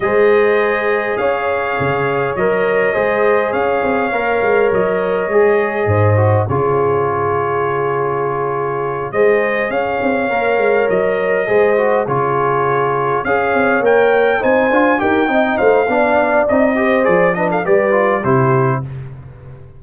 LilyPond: <<
  \new Staff \with { instrumentName = "trumpet" } { \time 4/4 \tempo 4 = 102 dis''2 f''2 | dis''2 f''2 | dis''2. cis''4~ | cis''2.~ cis''8 dis''8~ |
dis''8 f''2 dis''4.~ | dis''8 cis''2 f''4 g''8~ | g''8 gis''4 g''4 f''4. | dis''4 d''8 dis''16 f''16 d''4 c''4 | }
  \new Staff \with { instrumentName = "horn" } { \time 4/4 c''2 cis''2~ | cis''4 c''4 cis''2~ | cis''2 c''4 gis'4~ | gis'2.~ gis'8 c''8~ |
c''8 cis''2. c''8~ | c''8 gis'2 cis''4.~ | cis''8 c''4 ais'8 dis''8 c''8 d''4~ | d''8 c''4 b'16 a'16 b'4 g'4 | }
  \new Staff \with { instrumentName = "trombone" } { \time 4/4 gis'1 | ais'4 gis'2 ais'4~ | ais'4 gis'4. fis'8 f'4~ | f'2.~ f'8 gis'8~ |
gis'4. ais'2 gis'8 | fis'8 f'2 gis'4 ais'8~ | ais'8 dis'8 f'8 g'8 dis'4 d'4 | dis'8 g'8 gis'8 d'8 g'8 f'8 e'4 | }
  \new Staff \with { instrumentName = "tuba" } { \time 4/4 gis2 cis'4 cis4 | fis4 gis4 cis'8 c'8 ais8 gis8 | fis4 gis4 gis,4 cis4~ | cis2.~ cis8 gis8~ |
gis8 cis'8 c'8 ais8 gis8 fis4 gis8~ | gis8 cis2 cis'8 c'8 ais8~ | ais8 c'8 d'8 dis'8 c'8 a8 b4 | c'4 f4 g4 c4 | }
>>